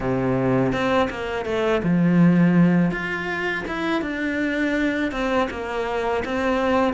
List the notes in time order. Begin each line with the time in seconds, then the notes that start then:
0.00 C3
0.72 C4
1.10 A#3
1.45 A3
1.83 F3
2.91 F4
3.67 E4
4.01 D4
5.11 C4
5.50 A#3
6.24 C4